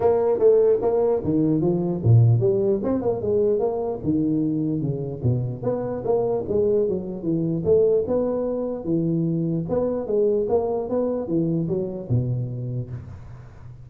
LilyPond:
\new Staff \with { instrumentName = "tuba" } { \time 4/4 \tempo 4 = 149 ais4 a4 ais4 dis4 | f4 ais,4 g4 c'8 ais8 | gis4 ais4 dis2 | cis4 b,4 b4 ais4 |
gis4 fis4 e4 a4 | b2 e2 | b4 gis4 ais4 b4 | e4 fis4 b,2 | }